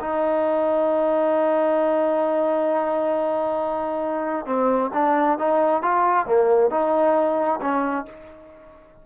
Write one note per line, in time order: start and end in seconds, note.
0.00 4.46 D#4
4.46 4.91 C4
4.94 5.39 D4
5.39 5.82 D#4
5.82 6.26 F4
6.26 6.70 A#3
6.70 7.60 D#4
7.61 8.06 C#4